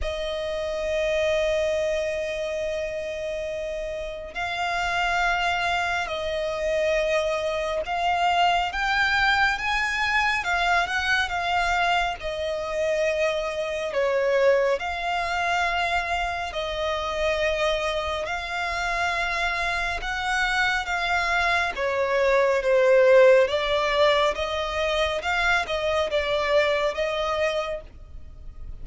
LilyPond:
\new Staff \with { instrumentName = "violin" } { \time 4/4 \tempo 4 = 69 dis''1~ | dis''4 f''2 dis''4~ | dis''4 f''4 g''4 gis''4 | f''8 fis''8 f''4 dis''2 |
cis''4 f''2 dis''4~ | dis''4 f''2 fis''4 | f''4 cis''4 c''4 d''4 | dis''4 f''8 dis''8 d''4 dis''4 | }